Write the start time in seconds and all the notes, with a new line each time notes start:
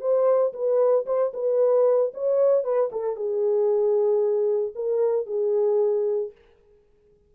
0.00 C5
0.53 B4
1.06 C5
1.33 B4
2.14 C#5
2.64 B4
2.92 A4
3.16 G#4
4.75 A#4
5.26 G#4